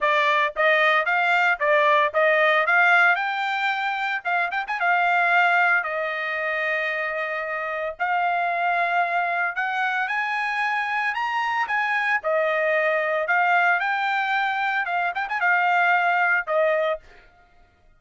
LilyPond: \new Staff \with { instrumentName = "trumpet" } { \time 4/4 \tempo 4 = 113 d''4 dis''4 f''4 d''4 | dis''4 f''4 g''2 | f''8 g''16 gis''16 f''2 dis''4~ | dis''2. f''4~ |
f''2 fis''4 gis''4~ | gis''4 ais''4 gis''4 dis''4~ | dis''4 f''4 g''2 | f''8 g''16 gis''16 f''2 dis''4 | }